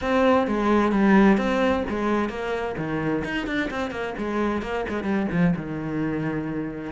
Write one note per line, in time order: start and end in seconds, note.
0.01 0.47 C4
0.47 0.91 G#3
0.91 1.37 G3
1.37 1.83 C4
1.89 2.29 G#3
2.29 2.75 A#3
2.77 3.23 D#3
3.24 3.46 D#4
3.46 3.69 D4
3.70 3.90 C4
3.90 4.13 A#3
4.17 4.62 G#3
4.62 4.85 A#3
4.88 5.03 G#3
5.03 5.26 G3
5.31 5.54 F3
5.56 6.91 D#3